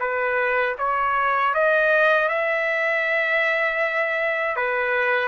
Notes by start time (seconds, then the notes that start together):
0.00 B4
0.78 C#5
1.54 D#5
2.29 E5
4.56 B4